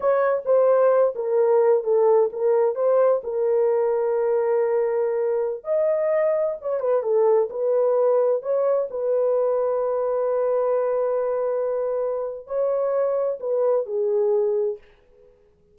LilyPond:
\new Staff \with { instrumentName = "horn" } { \time 4/4 \tempo 4 = 130 cis''4 c''4. ais'4. | a'4 ais'4 c''4 ais'4~ | ais'1~ | ais'16 dis''2 cis''8 b'8 a'8.~ |
a'16 b'2 cis''4 b'8.~ | b'1~ | b'2. cis''4~ | cis''4 b'4 gis'2 | }